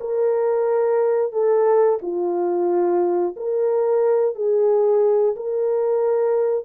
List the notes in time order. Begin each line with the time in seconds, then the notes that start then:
0.00 A#4
1.32 A4
2.02 F4
3.36 A#4
4.35 G#4
5.36 A#4